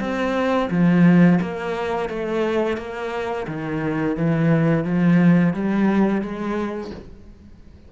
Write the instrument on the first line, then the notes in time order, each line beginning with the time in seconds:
cello
0.00 C4
0.70 F3
1.41 A#3
2.09 A3
2.77 A#3
3.47 D#3
4.16 E3
4.84 F3
5.54 G3
6.22 G#3